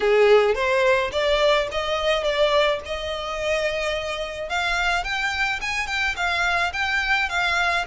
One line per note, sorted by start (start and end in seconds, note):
0.00 0.54 G#4
0.54 1.10 C5
1.11 1.67 D5
1.71 2.23 D#5
2.23 2.79 D5
2.85 4.49 D#5
4.49 5.04 F5
5.04 5.60 G5
5.61 5.86 G#5
5.86 6.15 G5
6.16 6.72 F5
6.73 7.29 G5
7.29 7.85 F5